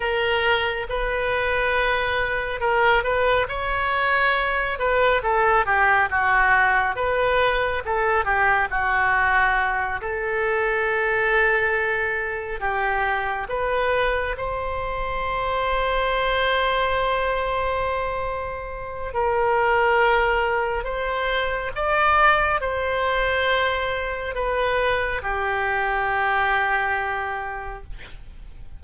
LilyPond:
\new Staff \with { instrumentName = "oboe" } { \time 4/4 \tempo 4 = 69 ais'4 b'2 ais'8 b'8 | cis''4. b'8 a'8 g'8 fis'4 | b'4 a'8 g'8 fis'4. a'8~ | a'2~ a'8 g'4 b'8~ |
b'8 c''2.~ c''8~ | c''2 ais'2 | c''4 d''4 c''2 | b'4 g'2. | }